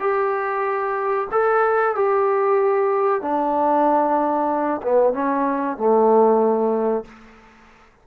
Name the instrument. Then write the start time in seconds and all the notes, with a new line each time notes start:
trombone
0.00 G4
1.31 A4
1.95 G4
3.22 D4
4.82 B3
5.13 C#4
5.77 A3